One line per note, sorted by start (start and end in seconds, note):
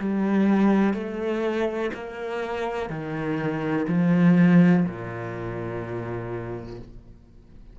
0.00 0.94 G3
0.94 1.90 A3
1.94 2.90 A#3
2.90 3.87 D#3
3.88 4.85 F3
4.86 6.79 A#2